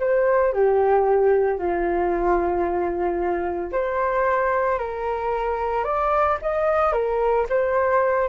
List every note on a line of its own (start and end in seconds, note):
0.00 0.53 C5
0.53 1.58 G4
1.58 3.72 F4
3.72 4.79 C5
4.79 5.84 A#4
5.84 6.38 D5
6.42 6.93 D#5
6.93 7.46 A#4
7.50 8.28 C5